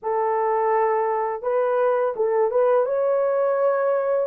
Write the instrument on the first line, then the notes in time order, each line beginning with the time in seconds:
horn
0.02 A4
1.42 B4
2.16 A4
2.50 B4
2.85 C#5